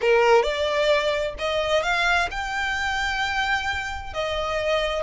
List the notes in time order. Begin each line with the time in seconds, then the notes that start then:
0.01 A#4
0.42 D5
1.38 D#5
1.83 F5
2.30 G5
4.13 D#5